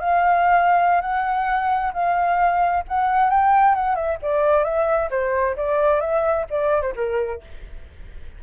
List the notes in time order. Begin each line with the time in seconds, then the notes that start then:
0.00 F5
1.01 F#5
1.93 F5
2.88 F#5
3.30 G5
3.75 F#5
3.95 E5
4.22 D5
4.64 E5
5.11 C5
5.57 D5
6.00 E5
6.50 D5
6.82 C5
6.96 A#4